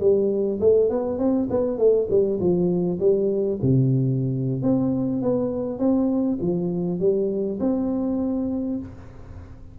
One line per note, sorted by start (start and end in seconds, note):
0.00 0.59 G3
0.60 0.89 A3
0.89 1.18 B3
1.18 1.48 C4
1.50 1.78 B3
1.78 2.07 A3
2.10 2.40 G3
2.40 2.99 F3
2.99 3.59 G3
3.62 4.62 C3
4.62 5.22 C4
5.22 5.79 B3
5.79 6.38 C4
6.41 7.00 F3
7.00 7.59 G3
7.60 8.79 C4